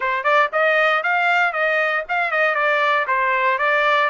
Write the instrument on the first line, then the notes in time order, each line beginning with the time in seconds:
trumpet
0.00 C5
0.23 D5
0.52 D#5
1.03 F5
1.52 D#5
2.09 F5
2.31 D#5
2.54 D5
3.07 C5
3.58 D5